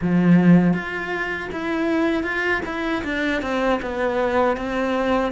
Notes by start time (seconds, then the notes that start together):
0.01 F3
0.73 F4
1.52 E4
2.23 F4
2.65 E4
3.04 D4
3.41 C4
3.81 B3
4.56 C4